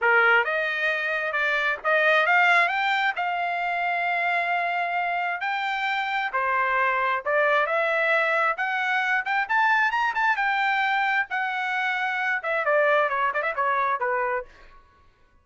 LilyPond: \new Staff \with { instrumentName = "trumpet" } { \time 4/4 \tempo 4 = 133 ais'4 dis''2 d''4 | dis''4 f''4 g''4 f''4~ | f''1 | g''2 c''2 |
d''4 e''2 fis''4~ | fis''8 g''8 a''4 ais''8 a''8 g''4~ | g''4 fis''2~ fis''8 e''8 | d''4 cis''8 d''16 e''16 cis''4 b'4 | }